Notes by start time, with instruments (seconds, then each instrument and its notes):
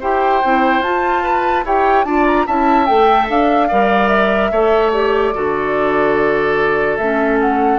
0.00 bassoon E4, clarinet G4, oboe C5, flute G5
0.43 bassoon C4, clarinet E4
0.80 bassoon F4, clarinet F4, flute A5
1.23 oboe B4
1.64 bassoon E4, clarinet G4, oboe C#5, flute G5
2.05 bassoon D4, clarinet F4, oboe D5, flute A5
2.26 flute A#5
2.47 bassoon C#4, clarinet E4, oboe E5, flute A5
2.86 bassoon A3, clarinet A4, flute G5
3.29 bassoon D4, flute F5
3.68 bassoon G3, clarinet A#4, oboe D5
4.09 flute E5
4.51 bassoon A3, clarinet A4, oboe C#5
4.93 clarinet G4, flute D5
5.34 bassoon D3, clarinet F#4, oboe A4
6.97 bassoon A3, clarinet C#4, flute E5
7.41 flute F#5